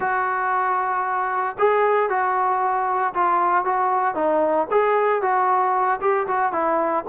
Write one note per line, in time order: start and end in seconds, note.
0.00 1.56 F#4
1.58 2.09 G#4
2.09 3.13 F#4
3.14 3.65 F4
3.65 4.15 F#4
4.15 4.67 D#4
4.70 5.22 G#4
5.22 6.00 F#4
6.00 6.26 G4
6.27 6.52 F#4
6.52 7.04 E4